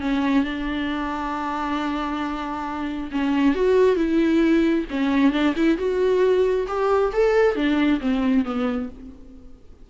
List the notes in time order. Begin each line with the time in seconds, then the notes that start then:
0.00 C#4
0.44 D4
3.11 C#4
3.55 F#4
3.96 E4
4.90 C#4
5.32 D4
5.56 E4
5.77 F#4
6.67 G4
7.12 A4
7.55 D4
8.00 C4
8.44 B3